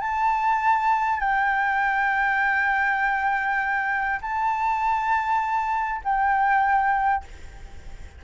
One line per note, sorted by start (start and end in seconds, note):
0.00 1.20 A5
1.20 4.20 G5
4.21 6.01 A5
6.04 7.24 G5